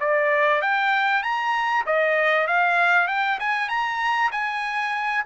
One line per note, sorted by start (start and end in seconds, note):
0.00 0.62 D5
0.62 1.23 G5
1.23 1.85 A#5
1.86 2.47 D#5
2.47 3.08 F5
3.08 3.39 G5
3.40 3.69 G#5
3.69 4.30 A#5
4.31 5.24 G#5